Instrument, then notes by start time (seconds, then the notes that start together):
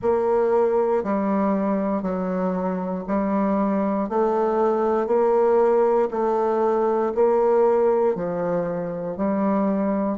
bassoon
0.01 A#3
1.04 G3
2.02 F#3
3.07 G3
4.09 A3
5.07 A#3
6.11 A3
7.14 A#3
8.15 F3
9.16 G3